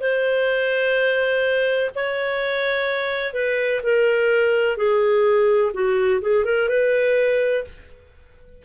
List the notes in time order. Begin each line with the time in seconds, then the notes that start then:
0.00 C5
1.95 C#5
3.33 B4
3.83 A#4
4.77 G#4
5.73 F#4
6.21 G#4
6.45 A#4
6.68 B4